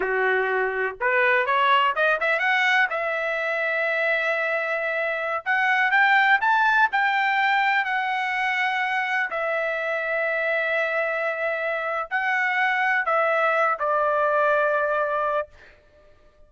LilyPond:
\new Staff \with { instrumentName = "trumpet" } { \time 4/4 \tempo 4 = 124 fis'2 b'4 cis''4 | dis''8 e''8 fis''4 e''2~ | e''2.~ e''16 fis''8.~ | fis''16 g''4 a''4 g''4.~ g''16~ |
g''16 fis''2. e''8.~ | e''1~ | e''4 fis''2 e''4~ | e''8 d''2.~ d''8 | }